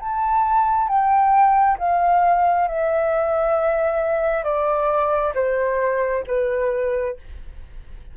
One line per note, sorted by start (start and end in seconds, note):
0.00 0.88 A5
0.88 1.78 G5
1.78 2.68 F5
2.68 4.44 E5
4.44 5.34 D5
5.34 6.24 C5
6.27 7.17 B4